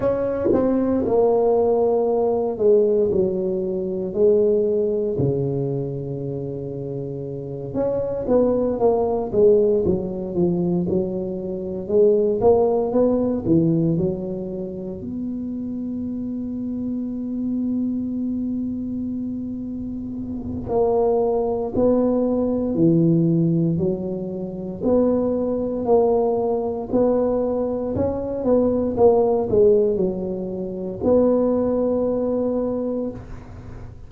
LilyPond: \new Staff \with { instrumentName = "tuba" } { \time 4/4 \tempo 4 = 58 cis'8 c'8 ais4. gis8 fis4 | gis4 cis2~ cis8 cis'8 | b8 ais8 gis8 fis8 f8 fis4 gis8 | ais8 b8 e8 fis4 b4.~ |
b1 | ais4 b4 e4 fis4 | b4 ais4 b4 cis'8 b8 | ais8 gis8 fis4 b2 | }